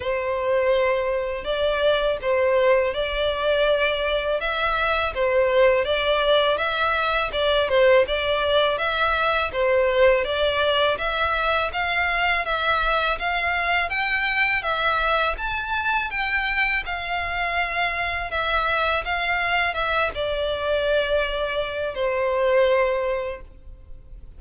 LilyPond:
\new Staff \with { instrumentName = "violin" } { \time 4/4 \tempo 4 = 82 c''2 d''4 c''4 | d''2 e''4 c''4 | d''4 e''4 d''8 c''8 d''4 | e''4 c''4 d''4 e''4 |
f''4 e''4 f''4 g''4 | e''4 a''4 g''4 f''4~ | f''4 e''4 f''4 e''8 d''8~ | d''2 c''2 | }